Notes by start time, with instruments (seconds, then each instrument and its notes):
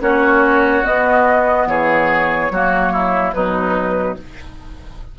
0.00 bassoon A#3, clarinet C#4, oboe F#4, flute C#5
0.83 clarinet B3, bassoon B3, flute D#5
1.67 bassoon E3, oboe G#4, flute C#5
2.50 bassoon F#3, clarinet A#3, oboe F#4
2.93 oboe E4
3.34 bassoon B2, clarinet F#3, oboe D#4, flute B4